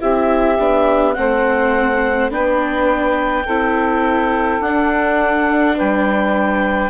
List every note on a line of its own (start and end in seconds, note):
0.00 0.59 C4
0.00 0.58 E4
0.00 1.15 G4
0.00 1.13 E5
0.59 1.16 B3
0.59 1.15 D4
1.13 2.30 A3
1.13 2.31 C4
1.13 2.32 C5
1.13 2.29 F#5
2.30 3.45 B3
2.30 3.46 D4
2.30 3.45 B4
2.30 4.61 G5
3.45 4.60 C4
3.45 4.63 E4
3.45 5.75 A4
4.60 5.75 D4
4.60 6.90 D4
4.60 5.77 F#5
5.76 6.90 G3
5.76 6.90 B4
5.76 6.90 G5